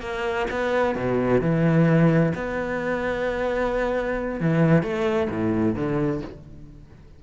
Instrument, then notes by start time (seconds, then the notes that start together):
cello
0.00 A#3
0.50 B3
0.95 B2
1.41 E3
2.35 B3
4.40 E3
4.82 A3
5.30 A2
5.75 D3